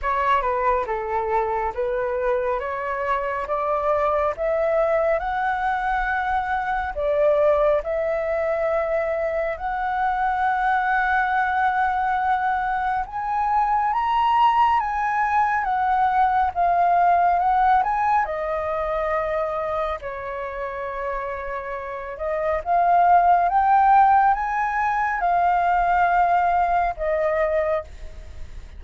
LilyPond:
\new Staff \with { instrumentName = "flute" } { \time 4/4 \tempo 4 = 69 cis''8 b'8 a'4 b'4 cis''4 | d''4 e''4 fis''2 | d''4 e''2 fis''4~ | fis''2. gis''4 |
ais''4 gis''4 fis''4 f''4 | fis''8 gis''8 dis''2 cis''4~ | cis''4. dis''8 f''4 g''4 | gis''4 f''2 dis''4 | }